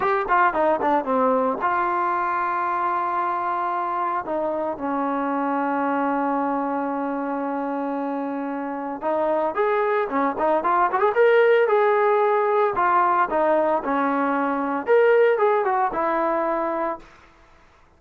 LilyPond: \new Staff \with { instrumentName = "trombone" } { \time 4/4 \tempo 4 = 113 g'8 f'8 dis'8 d'8 c'4 f'4~ | f'1 | dis'4 cis'2.~ | cis'1~ |
cis'4 dis'4 gis'4 cis'8 dis'8 | f'8 fis'16 gis'16 ais'4 gis'2 | f'4 dis'4 cis'2 | ais'4 gis'8 fis'8 e'2 | }